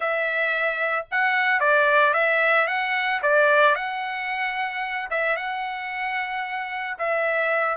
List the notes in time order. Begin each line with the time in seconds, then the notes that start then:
0.00 E5
1.11 F#5
1.60 D5
2.13 E5
2.67 F#5
3.22 D5
3.75 F#5
5.10 E5
5.36 F#5
6.98 E5